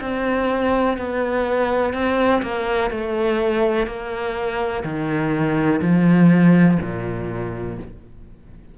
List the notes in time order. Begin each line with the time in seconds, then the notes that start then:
0.00 C4
0.97 B3
1.93 C4
2.41 A#3
2.90 A3
3.86 A#3
4.83 D#3
5.81 F3
6.81 A#2